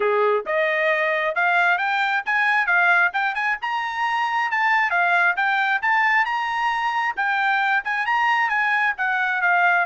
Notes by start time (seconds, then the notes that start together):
0.00 G#4
0.46 D#5
1.35 F5
1.78 G5
2.25 G#5
2.66 F5
3.13 G5
3.34 G#5
3.61 A#5
4.51 A5
4.90 F5
5.36 G5
5.81 A5
6.25 A#5
7.16 G5
7.84 G#5
8.05 A#5
8.49 G#5
8.97 F#5
9.41 F5